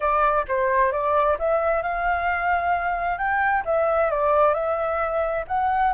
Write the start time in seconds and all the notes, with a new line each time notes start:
0.00 D5
0.48 C5
0.92 D5
1.38 E5
1.82 F5
3.18 G5
3.65 E5
4.10 D5
4.54 E5
5.47 F#5